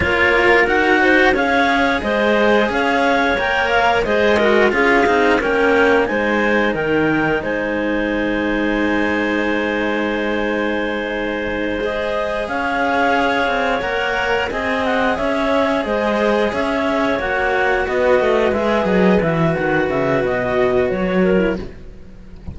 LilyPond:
<<
  \new Staff \with { instrumentName = "clarinet" } { \time 4/4 \tempo 4 = 89 cis''4 fis''4 f''4 dis''4 | f''4 g''8 f''8 dis''4 f''4 | g''4 gis''4 g''4 gis''4~ | gis''1~ |
gis''4. dis''4 f''4.~ | f''8 fis''4 gis''8 fis''8 e''4 dis''8~ | dis''8 e''4 fis''4 dis''4 e''8 | dis''8 e''8 fis''8 e''8 dis''4 cis''4 | }
  \new Staff \with { instrumentName = "clarinet" } { \time 4/4 ais'4. c''8 cis''4 c''4 | cis''2 c''8 ais'8 gis'4 | ais'4 c''4 ais'4 c''4~ | c''1~ |
c''2~ c''8 cis''4.~ | cis''4. dis''4 cis''4 c''8~ | c''8 cis''2 b'4.~ | b'2.~ b'8 ais'8 | }
  \new Staff \with { instrumentName = "cello" } { \time 4/4 f'4 fis'4 gis'2~ | gis'4 ais'4 gis'8 fis'8 f'8 dis'8 | cis'4 dis'2.~ | dis'1~ |
dis'4. gis'2~ gis'8~ | gis'8 ais'4 gis'2~ gis'8~ | gis'4. fis'2 gis'8~ | gis'8 fis'2.~ fis'16 e'16 | }
  \new Staff \with { instrumentName = "cello" } { \time 4/4 ais4 dis'4 cis'4 gis4 | cis'4 ais4 gis4 cis'8 c'8 | ais4 gis4 dis4 gis4~ | gis1~ |
gis2~ gis8 cis'4. | c'8 ais4 c'4 cis'4 gis8~ | gis8 cis'4 ais4 b8 a8 gis8 | fis8 e8 dis8 cis8 b,4 fis4 | }
>>